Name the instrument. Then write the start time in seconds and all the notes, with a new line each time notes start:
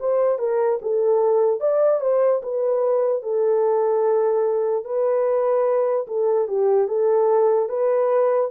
horn
0.00 C5
0.39 A#4
0.82 A4
1.60 D5
2.01 C5
2.43 B4
3.22 A4
4.85 B4
6.07 A4
6.48 G4
6.88 A4
7.69 B4